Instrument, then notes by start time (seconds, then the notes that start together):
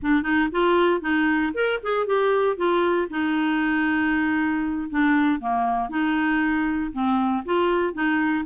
clarinet
0.02 D4
0.22 D#4
0.51 F4
1.01 D#4
1.54 A#4
1.83 G#4
2.06 G4
2.56 F4
3.10 D#4
4.90 D4
5.40 A#3
5.89 D#4
6.92 C4
7.45 F4
7.93 D#4